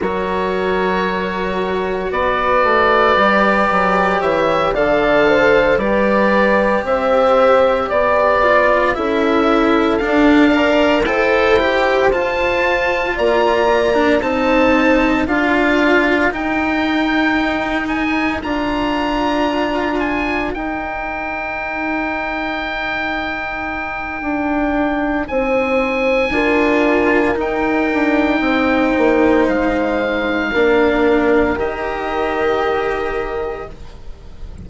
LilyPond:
<<
  \new Staff \with { instrumentName = "oboe" } { \time 4/4 \tempo 4 = 57 cis''2 d''2 | e''8 f''4 d''4 e''4 d''8~ | d''8 e''4 f''4 g''4 a''8~ | a''8 ais''4 a''4 f''4 g''8~ |
g''4 gis''8 ais''4. gis''8 g''8~ | g''1 | gis''2 g''2 | f''2 dis''2 | }
  \new Staff \with { instrumentName = "horn" } { \time 4/4 ais'2 b'2 | cis''8 d''8 c''8 b'4 c''4 d''8~ | d''8 a'4. d''8 c''4.~ | c''8 d''4 c''4 ais'4.~ |
ais'1~ | ais'1 | c''4 ais'2 c''4~ | c''4 ais'2. | }
  \new Staff \with { instrumentName = "cello" } { \time 4/4 fis'2. g'4~ | g'8 a'4 g'2~ g'8 | f'8 e'4 d'8 ais'8 a'8 g'8 f'8~ | f'4~ f'16 d'16 dis'4 f'4 dis'8~ |
dis'4. f'2 dis'8~ | dis'1~ | dis'4 f'4 dis'2~ | dis'4 d'4 g'2 | }
  \new Staff \with { instrumentName = "bassoon" } { \time 4/4 fis2 b8 a8 g8 fis8 | e8 d4 g4 c'4 b8~ | b8 cis'4 d'4 e'4 f'8~ | f'8 ais4 c'4 d'4 dis'8~ |
dis'4. d'2 dis'8~ | dis'2. d'4 | c'4 d'4 dis'8 d'8 c'8 ais8 | gis4 ais4 dis2 | }
>>